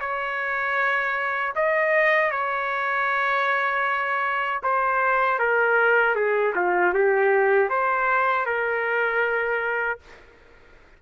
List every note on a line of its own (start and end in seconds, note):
0.00 1.54 C#5
1.55 2.31 D#5
2.31 4.62 C#5
4.63 5.39 C5
5.39 6.15 A#4
6.15 6.54 G#4
6.55 6.94 F4
6.94 7.69 G4
7.69 8.45 C5
8.45 9.99 A#4